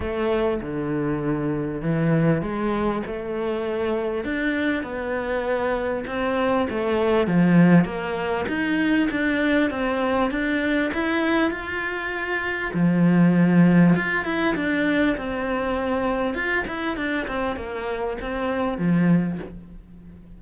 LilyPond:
\new Staff \with { instrumentName = "cello" } { \time 4/4 \tempo 4 = 99 a4 d2 e4 | gis4 a2 d'4 | b2 c'4 a4 | f4 ais4 dis'4 d'4 |
c'4 d'4 e'4 f'4~ | f'4 f2 f'8 e'8 | d'4 c'2 f'8 e'8 | d'8 c'8 ais4 c'4 f4 | }